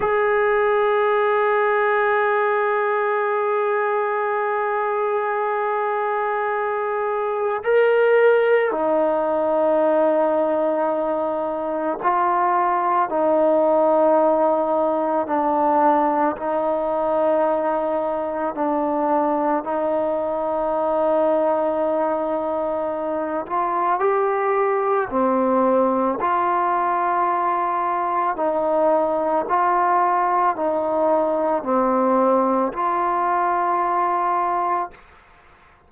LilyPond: \new Staff \with { instrumentName = "trombone" } { \time 4/4 \tempo 4 = 55 gis'1~ | gis'2. ais'4 | dis'2. f'4 | dis'2 d'4 dis'4~ |
dis'4 d'4 dis'2~ | dis'4. f'8 g'4 c'4 | f'2 dis'4 f'4 | dis'4 c'4 f'2 | }